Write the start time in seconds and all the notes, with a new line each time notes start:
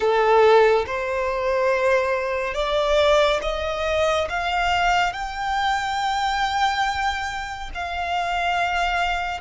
0.00 A4
0.86 C5
2.54 D5
3.42 D#5
4.29 F5
5.12 G5
7.74 F5